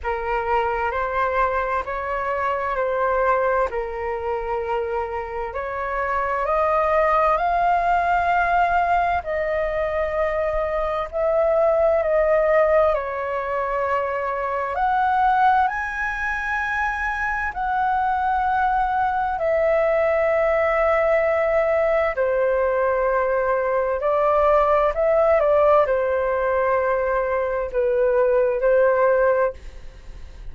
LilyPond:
\new Staff \with { instrumentName = "flute" } { \time 4/4 \tempo 4 = 65 ais'4 c''4 cis''4 c''4 | ais'2 cis''4 dis''4 | f''2 dis''2 | e''4 dis''4 cis''2 |
fis''4 gis''2 fis''4~ | fis''4 e''2. | c''2 d''4 e''8 d''8 | c''2 b'4 c''4 | }